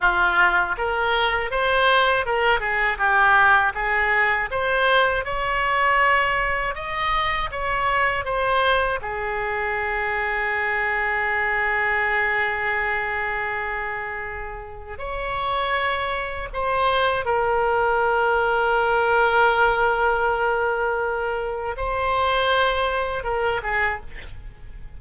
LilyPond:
\new Staff \with { instrumentName = "oboe" } { \time 4/4 \tempo 4 = 80 f'4 ais'4 c''4 ais'8 gis'8 | g'4 gis'4 c''4 cis''4~ | cis''4 dis''4 cis''4 c''4 | gis'1~ |
gis'1 | cis''2 c''4 ais'4~ | ais'1~ | ais'4 c''2 ais'8 gis'8 | }